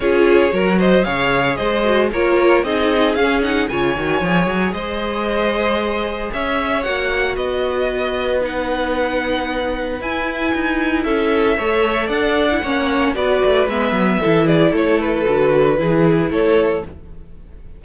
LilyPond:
<<
  \new Staff \with { instrumentName = "violin" } { \time 4/4 \tempo 4 = 114 cis''4. dis''8 f''4 dis''4 | cis''4 dis''4 f''8 fis''8 gis''4~ | gis''4 dis''2. | e''4 fis''4 dis''2 |
fis''2. gis''4~ | gis''4 e''2 fis''4~ | fis''4 d''4 e''4. d''8 | cis''8 b'2~ b'8 cis''4 | }
  \new Staff \with { instrumentName = "violin" } { \time 4/4 gis'4 ais'8 c''8 cis''4 c''4 | ais'4 gis'2 cis''4~ | cis''4 c''2. | cis''2 b'2~ |
b'1~ | b'4 a'4 cis''4 d''4 | cis''4 b'2 a'8 gis'8 | a'2 gis'4 a'4 | }
  \new Staff \with { instrumentName = "viola" } { \time 4/4 f'4 fis'4 gis'4. fis'8 | f'4 dis'4 cis'8 dis'8 f'8 fis'8 | gis'1~ | gis'4 fis'2. |
dis'2. e'4~ | e'2 a'4.~ a'16 e'16 | cis'4 fis'4 b4 e'4~ | e'4 fis'4 e'2 | }
  \new Staff \with { instrumentName = "cello" } { \time 4/4 cis'4 fis4 cis4 gis4 | ais4 c'4 cis'4 cis8 dis8 | f8 fis8 gis2. | cis'4 ais4 b2~ |
b2. e'4 | dis'4 cis'4 a4 d'4 | ais4 b8 a8 gis8 fis8 e4 | a4 d4 e4 a4 | }
>>